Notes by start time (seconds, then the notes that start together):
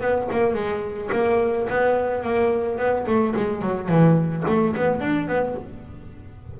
0.00 B3
0.31 A#3
0.54 G#3
1.12 A#3
1.69 B3
2.23 A#3
2.77 B3
3.06 A3
3.35 G#3
3.61 F#3
3.88 E3
4.47 A3
4.76 B3
5.00 D4
5.27 B3